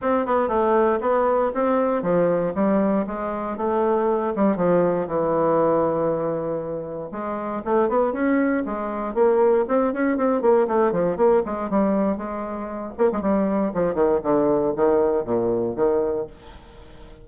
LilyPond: \new Staff \with { instrumentName = "bassoon" } { \time 4/4 \tempo 4 = 118 c'8 b8 a4 b4 c'4 | f4 g4 gis4 a4~ | a8 g8 f4 e2~ | e2 gis4 a8 b8 |
cis'4 gis4 ais4 c'8 cis'8 | c'8 ais8 a8 f8 ais8 gis8 g4 | gis4. ais16 gis16 g4 f8 dis8 | d4 dis4 ais,4 dis4 | }